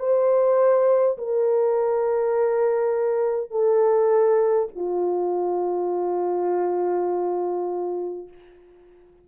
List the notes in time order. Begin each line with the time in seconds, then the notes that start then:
0.00 C5
1.18 A#4
3.51 A4
4.76 F4